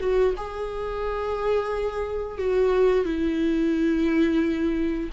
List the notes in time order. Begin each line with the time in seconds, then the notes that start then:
0.00 F#4
0.37 G#4
2.38 F#4
3.05 E4